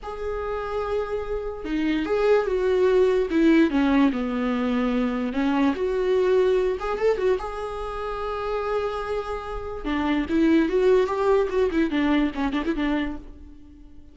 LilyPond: \new Staff \with { instrumentName = "viola" } { \time 4/4 \tempo 4 = 146 gis'1 | dis'4 gis'4 fis'2 | e'4 cis'4 b2~ | b4 cis'4 fis'2~ |
fis'8 gis'8 a'8 fis'8 gis'2~ | gis'1 | d'4 e'4 fis'4 g'4 | fis'8 e'8 d'4 cis'8 d'16 e'16 d'4 | }